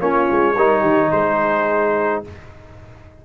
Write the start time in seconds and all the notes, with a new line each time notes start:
0.00 A#3 C#4 F4 C#5
0.31 G#3
0.55 G3 D#4 A#4
0.80 D#3 G4
1.12 G#3 G#4 C5